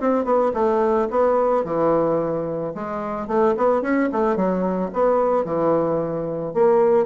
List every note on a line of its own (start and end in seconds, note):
0.00 0.24 C4
0.24 0.51 B3
0.53 1.08 A3
1.10 1.64 B3
1.64 2.73 E3
2.74 3.27 G#3
3.27 3.54 A3
3.57 3.82 B3
3.82 4.09 C#4
4.12 4.36 A3
4.36 4.90 F#3
4.93 5.44 B3
5.44 6.54 E3
6.54 7.06 A#3